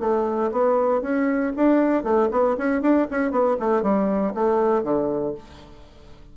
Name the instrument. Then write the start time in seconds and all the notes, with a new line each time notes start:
bassoon
0.00 A3
0.51 B3
1.01 C#4
1.56 D4
2.03 A3
2.31 B3
2.57 C#4
2.81 D4
3.11 C#4
3.31 B3
3.60 A3
3.82 G3
4.34 A3
4.83 D3